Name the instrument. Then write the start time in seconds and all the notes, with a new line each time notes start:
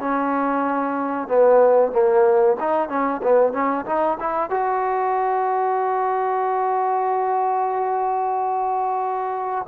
trombone
0.00 C#4
1.28 B3
1.92 A#3
2.60 D#4
2.89 C#4
3.23 B3
3.53 C#4
3.86 D#4
4.20 E4
4.50 F#4